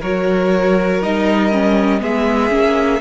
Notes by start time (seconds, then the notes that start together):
0.00 F#3 F#4 A#4 C#5
1.02 G3 D#4 D#5
1.51 C#4
2.00 G#3 B3 G#4 E5
2.49 A#3 C#4